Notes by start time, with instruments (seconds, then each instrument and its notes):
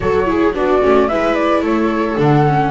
0.00 double bass F#3, viola F#4 A4, flute C#5
0.25 viola E4 G#4
0.54 double bass B3, viola D4 F#4, flute D5
0.81 double bass A3, viola C#4
1.08 double bass G#3, viola E4 B4, flute E5
1.34 flute D5
1.61 double bass A3, viola A4, flute C#5
2.17 double bass D3, viola D4, flute F#5
2.46 viola C#4